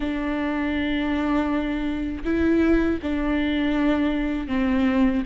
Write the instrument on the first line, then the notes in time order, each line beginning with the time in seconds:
viola
0.00 D4
2.24 E4
3.02 D4
4.47 C4